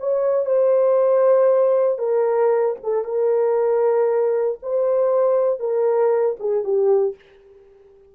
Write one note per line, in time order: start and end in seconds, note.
0.00 0.46 C#5
0.46 1.99 C5
1.99 2.76 A#4
2.83 3.05 A4
3.05 4.59 A#4
4.63 5.60 C5
5.60 6.37 A#4
6.40 6.64 G#4
6.64 7.15 G4